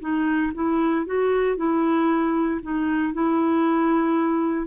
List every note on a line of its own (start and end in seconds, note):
0.00 0.52 D#4
0.54 1.06 E4
1.06 1.57 F#4
1.57 2.61 E4
2.62 3.14 D#4
3.14 4.67 E4